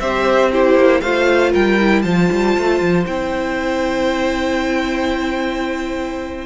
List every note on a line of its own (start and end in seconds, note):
0.00 0.75 C4
0.00 0.52 G4
0.00 0.51 C5
0.00 0.51 E5
0.52 1.03 E4
0.52 1.01 G4
0.52 1.01 C5
0.75 1.01 A#3
1.01 1.53 A3
1.01 1.80 F4
1.01 1.52 C5
1.01 1.52 F5
1.52 2.04 G3
1.52 2.03 A#4
1.52 2.02 G5
1.80 2.03 E4
2.02 2.29 F3
2.02 3.05 F4
2.02 6.45 C5
2.02 3.03 A5
2.32 2.57 G3
2.57 2.81 A3
2.81 3.06 F3
3.06 6.45 C4
3.06 6.45 E4
3.06 6.45 G5